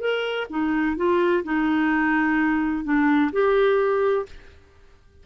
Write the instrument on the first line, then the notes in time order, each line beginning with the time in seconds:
clarinet
0.00 A#4
0.50 D#4
0.96 F4
1.44 D#4
2.84 D4
3.32 G4